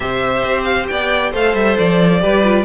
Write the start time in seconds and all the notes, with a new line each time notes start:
0.00 C3 G4 C5 E5
0.44 C4
0.64 F5
0.87 B3 D5 G5
1.31 A3 A4 C5 F5
1.54 G3 E5
1.78 F3 D5
2.20 G3 G4 B4
2.43 F4